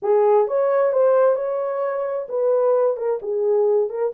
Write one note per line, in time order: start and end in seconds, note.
0.02 0.47 G#4
0.47 0.92 C#5
0.92 1.35 C5
1.35 2.27 C#5
2.29 2.96 B4
2.96 3.19 A#4
3.22 3.89 G#4
3.89 4.12 A#4